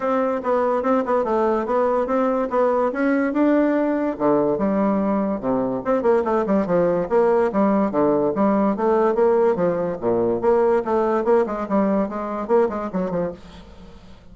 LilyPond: \new Staff \with { instrumentName = "bassoon" } { \time 4/4 \tempo 4 = 144 c'4 b4 c'8 b8 a4 | b4 c'4 b4 cis'4 | d'2 d4 g4~ | g4 c4 c'8 ais8 a8 g8 |
f4 ais4 g4 d4 | g4 a4 ais4 f4 | ais,4 ais4 a4 ais8 gis8 | g4 gis4 ais8 gis8 fis8 f8 | }